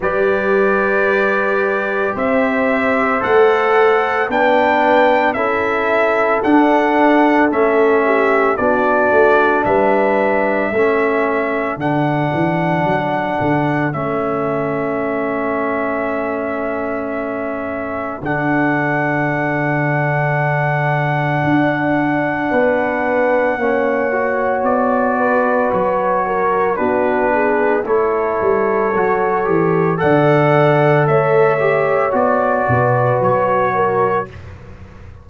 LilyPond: <<
  \new Staff \with { instrumentName = "trumpet" } { \time 4/4 \tempo 4 = 56 d''2 e''4 fis''4 | g''4 e''4 fis''4 e''4 | d''4 e''2 fis''4~ | fis''4 e''2.~ |
e''4 fis''2.~ | fis''2. d''4 | cis''4 b'4 cis''2 | fis''4 e''4 d''4 cis''4 | }
  \new Staff \with { instrumentName = "horn" } { \time 4/4 b'2 c''2 | b'4 a'2~ a'8 g'8 | fis'4 b'4 a'2~ | a'1~ |
a'1~ | a'4 b'4 cis''4. b'8~ | b'8 ais'8 fis'8 gis'8 a'2 | d''4 cis''4. b'4 ais'8 | }
  \new Staff \with { instrumentName = "trombone" } { \time 4/4 g'2. a'4 | d'4 e'4 d'4 cis'4 | d'2 cis'4 d'4~ | d'4 cis'2.~ |
cis'4 d'2.~ | d'2 cis'8 fis'4.~ | fis'4 d'4 e'4 fis'8 g'8 | a'4. g'8 fis'2 | }
  \new Staff \with { instrumentName = "tuba" } { \time 4/4 g2 c'4 a4 | b4 cis'4 d'4 a4 | b8 a8 g4 a4 d8 e8 | fis8 d8 a2.~ |
a4 d2. | d'4 b4 ais4 b4 | fis4 b4 a8 g8 fis8 e8 | d4 a4 b8 b,8 fis4 | }
>>